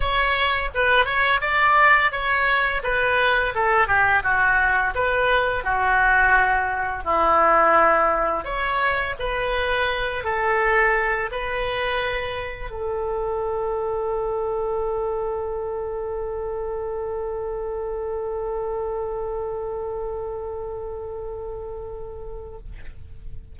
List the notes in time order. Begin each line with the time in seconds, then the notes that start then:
0.00 C#5
0.74 B4
1.05 C#5
1.41 D5
2.11 C#5
2.83 B4
3.54 A4
3.87 G4
4.23 F#4
4.94 B4
5.64 F#4
7.04 E4
8.44 C#5
9.19 B4
10.24 A4
11.31 B4
12.70 A4